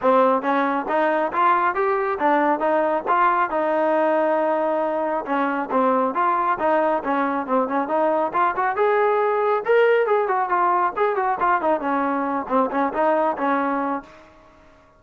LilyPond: \new Staff \with { instrumentName = "trombone" } { \time 4/4 \tempo 4 = 137 c'4 cis'4 dis'4 f'4 | g'4 d'4 dis'4 f'4 | dis'1 | cis'4 c'4 f'4 dis'4 |
cis'4 c'8 cis'8 dis'4 f'8 fis'8 | gis'2 ais'4 gis'8 fis'8 | f'4 gis'8 fis'8 f'8 dis'8 cis'4~ | cis'8 c'8 cis'8 dis'4 cis'4. | }